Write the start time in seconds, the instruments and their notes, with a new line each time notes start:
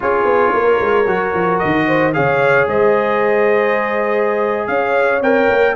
0.00 tuba C#4, trombone F4, horn G#4, trumpet C#5
0.23 tuba B3
0.52 tuba A#3, horn A#4
0.80 tuba G#3
1.06 tuba F#3, trombone F#4
1.33 tuba F3
1.59 tuba D#3, trumpet D#5
1.87 horn C5
2.13 tuba C#3, trombone G#4, horn C#5, trumpet F5
2.67 tuba G#3, horn C5, trumpet D#5
4.67 tuba C#4, horn C#5, trumpet F5
5.21 tuba C4, trombone A#4, trumpet G5
5.48 tuba A#3